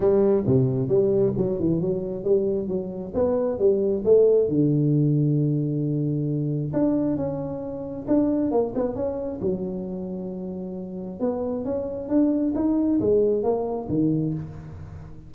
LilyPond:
\new Staff \with { instrumentName = "tuba" } { \time 4/4 \tempo 4 = 134 g4 c4 g4 fis8 e8 | fis4 g4 fis4 b4 | g4 a4 d2~ | d2. d'4 |
cis'2 d'4 ais8 b8 | cis'4 fis2.~ | fis4 b4 cis'4 d'4 | dis'4 gis4 ais4 dis4 | }